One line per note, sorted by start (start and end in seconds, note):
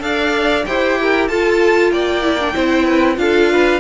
0.00 0.64 D4
0.00 0.63 A4
0.00 0.67 D5
0.00 0.65 F5
0.66 1.29 E4
0.66 1.30 G4
0.66 0.99 C5
0.66 1.28 G5
1.01 1.30 A#4
1.28 1.91 F4
1.28 2.22 F4
1.28 1.92 A4
1.28 1.91 A5
1.91 2.54 A#3
1.91 2.54 D5
1.91 3.18 G5
2.22 2.38 E4
2.39 2.53 D4
2.53 3.17 C4
2.53 3.16 E4
2.53 2.85 C5
2.85 3.17 B4
3.16 3.80 D4
3.16 3.79 F4
3.16 3.52 A4
3.16 3.80 F5
3.52 3.80 B4